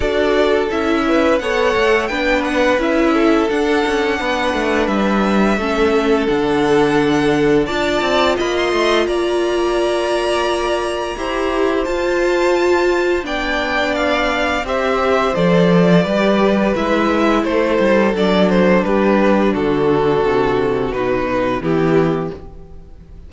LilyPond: <<
  \new Staff \with { instrumentName = "violin" } { \time 4/4 \tempo 4 = 86 d''4 e''4 fis''4 g''8 fis''8 | e''4 fis''2 e''4~ | e''4 fis''2 a''4 | b''16 c'''8. ais''2.~ |
ais''4 a''2 g''4 | f''4 e''4 d''2 | e''4 c''4 d''8 c''8 b'4 | a'2 b'4 g'4 | }
  \new Staff \with { instrumentName = "violin" } { \time 4/4 a'4. b'8 cis''4 b'4~ | b'8 a'4. b'2 | a'2. d''4 | dis''4 d''2. |
c''2. d''4~ | d''4 c''2 b'4~ | b'4 a'2 g'4 | fis'2. e'4 | }
  \new Staff \with { instrumentName = "viola" } { \time 4/4 fis'4 e'4 a'4 d'4 | e'4 d'2. | cis'4 d'2 f'4~ | f'1 |
g'4 f'2 d'4~ | d'4 g'4 a'4 g'4 | e'2 d'2~ | d'2 dis'4 b4 | }
  \new Staff \with { instrumentName = "cello" } { \time 4/4 d'4 cis'4 b8 a8 b4 | cis'4 d'8 cis'8 b8 a8 g4 | a4 d2 d'8 c'8 | ais8 a8 ais2. |
e'4 f'2 b4~ | b4 c'4 f4 g4 | gis4 a8 g8 fis4 g4 | d4 c4 b,4 e4 | }
>>